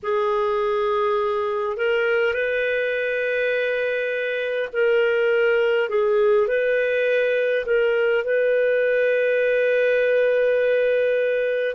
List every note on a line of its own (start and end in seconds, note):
0.02 1.76 G#4
1.76 2.33 A#4
2.33 4.68 B4
4.73 5.89 A#4
5.89 6.47 G#4
6.47 7.65 B4
7.65 8.24 A#4
8.24 11.75 B4